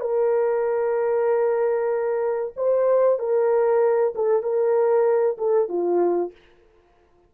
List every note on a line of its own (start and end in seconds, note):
0.00 2.53 A#4
2.56 3.19 C5
3.19 4.13 A#4
4.15 4.42 A4
4.42 5.37 A#4
5.38 5.68 A4
5.68 6.32 F4